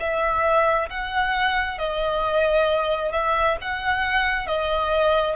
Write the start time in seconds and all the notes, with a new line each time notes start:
0.00 E5
0.90 F#5
1.78 D#5
3.12 E5
3.61 F#5
4.47 D#5